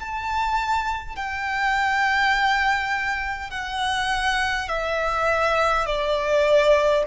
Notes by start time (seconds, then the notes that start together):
0.00 A5
1.17 G5
3.51 F#5
4.69 E5
5.86 D5